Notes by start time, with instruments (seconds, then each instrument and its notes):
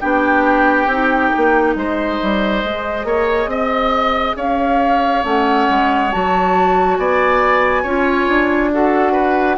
0.00 bassoon B3, clarinet D4, oboe G4, flute G5
0.86 bassoon C4, clarinet D#4
1.36 bassoon A#3
1.75 bassoon G#3, oboe C5, flute D#5
2.22 bassoon G3
2.63 bassoon G#3, clarinet G#4
3.04 bassoon A#3, oboe C#5
3.46 bassoon C4, oboe D#5
4.36 bassoon C#4, oboe C#5, flute F5
5.23 bassoon A3, clarinet C#4, flute F#5
5.70 bassoon G#3
6.11 bassoon F#3, clarinet F#4, flute A5
6.97 bassoon B3, oboe D5, flute G#5
7.82 bassoon C#4, clarinet F4, oboe C#5
8.28 bassoon D4
8.72 clarinet F#4, oboe A4, flute F#5
9.12 oboe B4